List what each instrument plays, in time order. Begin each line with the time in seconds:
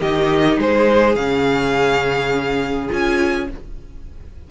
0.00 cello D#3, viola D#4, violin G4 D#5
0.57 cello G#3, violin G#4 C5
1.15 cello C#3, viola C#4, violin F5
2.89 cello C#4, viola F4, violin G#5